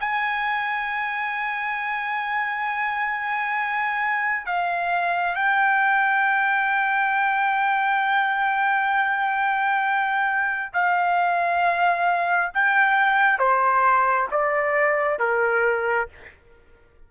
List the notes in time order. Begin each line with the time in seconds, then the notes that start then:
0.00 G#5
4.46 F5
5.35 G5
10.73 F5
12.54 G5
13.39 C5
14.32 D5
15.20 A#4